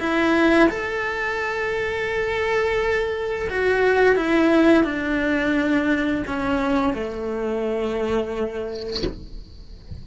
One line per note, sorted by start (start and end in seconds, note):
0.00 0.70 E4
0.70 3.49 A4
3.50 4.16 F#4
4.16 4.85 E4
4.85 6.24 D4
6.27 6.94 C#4
6.94 9.03 A3